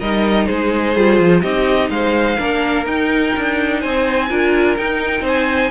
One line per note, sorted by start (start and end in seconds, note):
0.00 0.48 G3
0.00 0.97 D#4
0.00 0.48 A#4
0.00 0.46 D#5
0.46 0.96 G#3
0.46 1.43 G#4
0.46 1.42 C5
0.96 1.19 G3
0.96 1.42 F4
1.19 1.43 F3
1.42 1.90 C4
1.42 2.38 D#4
1.42 1.90 G4
1.42 1.90 D#5
1.90 2.38 G#3
1.90 2.38 C5
1.90 2.86 F5
2.38 2.86 A#3
2.38 2.86 D4
2.38 3.80 A#4
2.86 3.34 D#4
2.86 4.29 D#4
2.86 3.81 G5
3.37 3.84 D4
3.80 4.30 C4
3.80 4.28 C5
3.80 4.76 G#5
4.30 4.78 D4
4.30 4.77 F4
4.30 5.23 A#4
4.77 5.21 D#4
4.77 5.71 D#4
4.77 5.25 G5
5.21 5.69 C4
5.21 5.70 C5
5.27 5.71 G#5